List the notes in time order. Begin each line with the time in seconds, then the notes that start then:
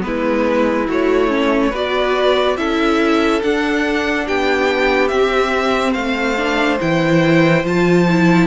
0.00 G#3 B3 B4
0.06 E4
0.87 A3 F#4 C#5
1.28 C#4
1.69 B3 F#4 B4 D5
2.57 C#4 E4 A4 E5
3.43 D4 F#5
4.26 B3 G4 G5
5.08 C4 E5
5.91 A3 C5 F5
6.36 D4
6.80 E3 E4 G5
7.64 F3 F4 A5
8.09 E4